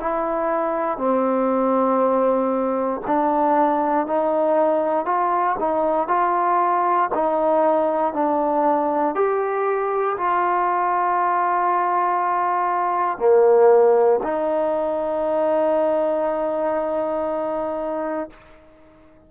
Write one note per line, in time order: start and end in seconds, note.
0.00 0.98 E4
0.98 3.01 C4
3.07 4.07 D4
4.07 5.05 D#4
5.05 5.56 F4
5.59 6.07 D#4
6.07 7.09 F4
7.14 8.14 D#4
8.14 9.15 D4
9.15 10.16 G4
10.17 13.18 F4
13.18 14.20 A#3
14.23 18.30 D#4